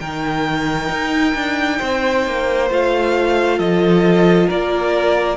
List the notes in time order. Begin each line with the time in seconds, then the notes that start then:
0.00 D#3 D#4 A#4 G5
0.89 D#4
1.35 D4
1.79 C4 C5
2.27 A#3
2.70 A3 F4 F5
3.58 F3 A4 D#5
4.48 A#3 A#4 D5